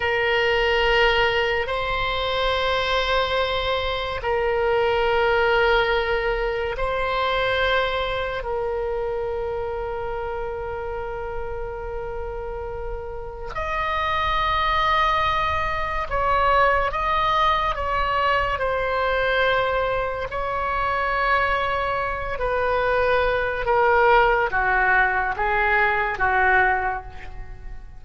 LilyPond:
\new Staff \with { instrumentName = "oboe" } { \time 4/4 \tempo 4 = 71 ais'2 c''2~ | c''4 ais'2. | c''2 ais'2~ | ais'1 |
dis''2. cis''4 | dis''4 cis''4 c''2 | cis''2~ cis''8 b'4. | ais'4 fis'4 gis'4 fis'4 | }